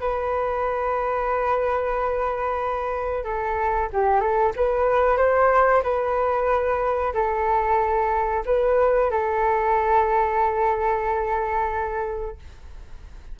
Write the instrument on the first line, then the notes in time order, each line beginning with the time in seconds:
flute
0.00 B4
3.24 A4
3.93 G4
4.20 A4
4.56 B4
5.17 C5
5.83 B4
7.14 A4
8.46 B4
9.11 A4